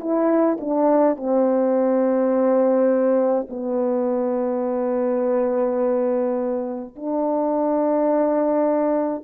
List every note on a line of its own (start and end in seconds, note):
0.00 0.58 E4
0.60 1.16 D4
1.16 3.47 C4
3.49 6.95 B3
6.95 9.23 D4